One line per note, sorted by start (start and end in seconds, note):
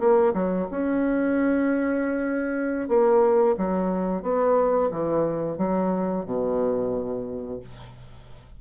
0.00 0.34 A#3
0.34 0.67 F#3
0.71 2.89 C#4
2.89 3.56 A#3
3.58 4.23 F#3
4.23 4.90 B3
4.92 5.58 E3
5.58 6.25 F#3
6.25 7.60 B2